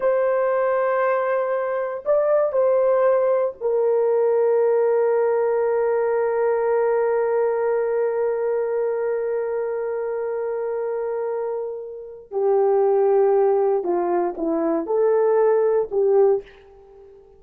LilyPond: \new Staff \with { instrumentName = "horn" } { \time 4/4 \tempo 4 = 117 c''1 | d''4 c''2 ais'4~ | ais'1~ | ais'1~ |
ais'1~ | ais'1 | g'2. f'4 | e'4 a'2 g'4 | }